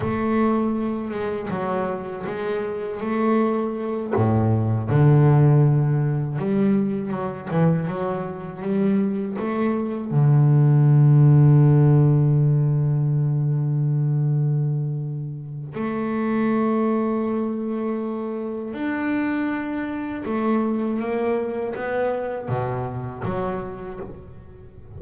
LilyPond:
\new Staff \with { instrumentName = "double bass" } { \time 4/4 \tempo 4 = 80 a4. gis8 fis4 gis4 | a4. a,4 d4.~ | d8 g4 fis8 e8 fis4 g8~ | g8 a4 d2~ d8~ |
d1~ | d4 a2.~ | a4 d'2 a4 | ais4 b4 b,4 fis4 | }